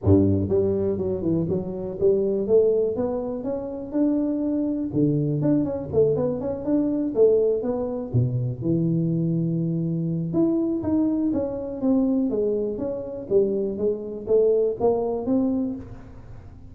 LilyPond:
\new Staff \with { instrumentName = "tuba" } { \time 4/4 \tempo 4 = 122 g,4 g4 fis8 e8 fis4 | g4 a4 b4 cis'4 | d'2 d4 d'8 cis'8 | a8 b8 cis'8 d'4 a4 b8~ |
b8 b,4 e2~ e8~ | e4 e'4 dis'4 cis'4 | c'4 gis4 cis'4 g4 | gis4 a4 ais4 c'4 | }